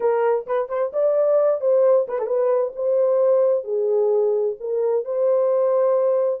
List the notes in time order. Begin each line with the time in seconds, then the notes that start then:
0.00 A#4
0.46 B4
0.68 C5
0.92 D5
1.61 C5
2.08 B4
2.18 A4
2.26 B4
2.75 C5
3.64 G#4
4.59 A#4
5.04 C5